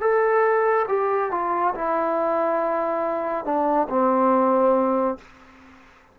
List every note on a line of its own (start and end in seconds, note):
0.00 0.86 A4
0.88 1.31 G4
1.31 1.74 F4
1.75 3.44 E4
3.44 3.87 D4
3.89 5.18 C4